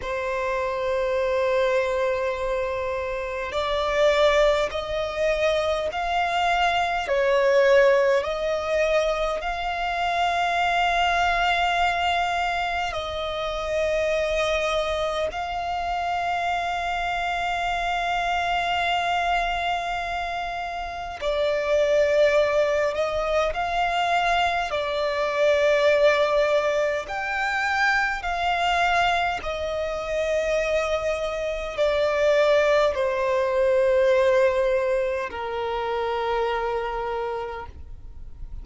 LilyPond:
\new Staff \with { instrumentName = "violin" } { \time 4/4 \tempo 4 = 51 c''2. d''4 | dis''4 f''4 cis''4 dis''4 | f''2. dis''4~ | dis''4 f''2.~ |
f''2 d''4. dis''8 | f''4 d''2 g''4 | f''4 dis''2 d''4 | c''2 ais'2 | }